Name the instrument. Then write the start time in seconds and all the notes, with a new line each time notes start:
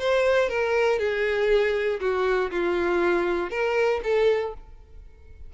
violin
0.00 C5
0.50 A#4
0.99 G#4
2.01 F#4
2.51 F4
3.51 A#4
4.04 A4